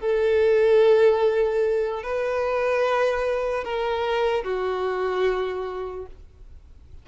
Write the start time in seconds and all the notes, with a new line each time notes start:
0.00 A4
2.03 B4
3.64 A#4
4.44 F#4